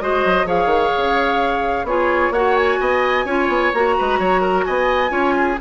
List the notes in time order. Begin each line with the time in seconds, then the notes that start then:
0.00 G#3 F#4 C5 D#5
0.25 F#3
0.45 F3 G#4 C#5 F5
0.66 D#3
0.97 C#3
1.84 B3 F4 G#4 C#5
2.30 A#3 F#4 C#5 F#5
2.56 G#5
2.81 B3 D#5
3.25 C#4 F4 C#5
3.48 B3
3.74 A#3 F#4 A#5
3.98 G#3 B4
4.19 F#3 C#5
4.41 A#4
4.65 B3 D#5 G#5
5.09 C#4 F4 C#5
5.37 G#4